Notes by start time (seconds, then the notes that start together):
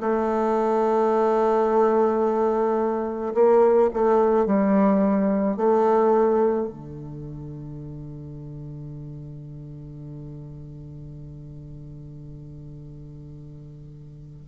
0.00 A3
3.34 A#3
3.93 A3
4.45 G3
5.56 A3
6.68 D3